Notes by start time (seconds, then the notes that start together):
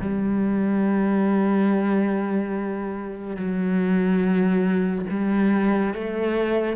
0.00 G3
3.36 F#3
5.10 G3
5.94 A3